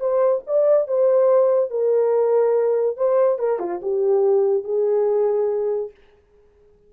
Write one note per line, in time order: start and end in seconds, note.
0.00 0.42 C5
0.47 0.88 D5
0.88 1.71 C5
1.71 2.97 A#4
2.97 3.39 C5
3.39 3.59 A#4
3.59 3.80 F4
3.82 4.64 G4
4.64 5.91 G#4